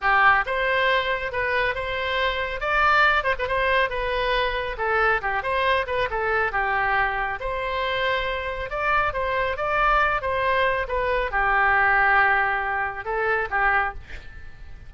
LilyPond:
\new Staff \with { instrumentName = "oboe" } { \time 4/4 \tempo 4 = 138 g'4 c''2 b'4 | c''2 d''4. c''16 b'16 | c''4 b'2 a'4 | g'8 c''4 b'8 a'4 g'4~ |
g'4 c''2. | d''4 c''4 d''4. c''8~ | c''4 b'4 g'2~ | g'2 a'4 g'4 | }